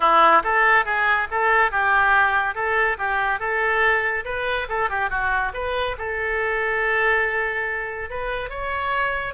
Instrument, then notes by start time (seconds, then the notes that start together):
oboe
0.00 E4
0.43 A4
0.85 G#4
1.30 A4
1.71 G4
2.54 A4
2.98 G4
3.39 A4
4.24 B4
4.68 A4
4.89 G4
5.09 F#4
5.53 B4
5.97 A4
8.10 B4
8.49 C#5